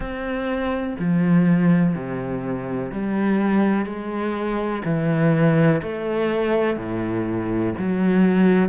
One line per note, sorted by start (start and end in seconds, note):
0.00 0.96 C4
0.99 1.95 F3
1.95 2.91 C3
2.91 3.85 G3
3.85 4.82 G#3
4.84 5.81 E3
5.82 6.77 A3
6.77 7.73 A2
7.78 8.69 F#3